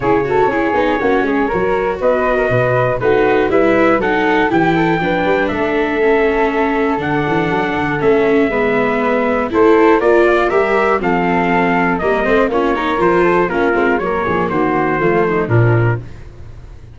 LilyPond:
<<
  \new Staff \with { instrumentName = "trumpet" } { \time 4/4 \tempo 4 = 120 cis''1 | dis''2 b'4 e''4 | fis''4 g''2 e''4~ | e''2 fis''2 |
e''2. c''4 | d''4 e''4 f''2 | dis''4 cis''4 c''4 ais'4 | cis''4 c''2 ais'4 | }
  \new Staff \with { instrumentName = "flute" } { \time 4/4 gis'8 a'8 gis'4 fis'8 gis'8 ais'4 | b'8. ais'16 b'4 fis'4 b'4 | a'4 g'8 a'8 b'4 a'4~ | a'1~ |
a'4 b'2 a'4 | ais'8 f'8 ais'4 a'2 | ais'8 c''8 f'8 ais'4 a'8 f'4 | ais'8 gis'8 fis'4 f'8 dis'8 d'4 | }
  \new Staff \with { instrumentName = "viola" } { \time 4/4 e'8 fis'8 e'8 dis'8 cis'4 fis'4~ | fis'2 dis'4 e'4 | dis'4 e'4 d'2 | cis'2 d'2 |
cis'4 b2 e'4 | f'4 g'4 c'2 | ais8 c'8 cis'8 dis'8 f'4 cis'8 c'8 | ais2 a4 f4 | }
  \new Staff \with { instrumentName = "tuba" } { \time 4/4 cis4 cis'8 b8 ais8 gis8 fis4 | b4 b,4 a4 g4 | fis4 e4 f8 g8 a4~ | a2 d8 e8 fis8 d8 |
a4 gis2 a4 | ais4 g4 f2 | g8 a8 ais4 f4 ais8 gis8 | fis8 f8 dis4 f4 ais,4 | }
>>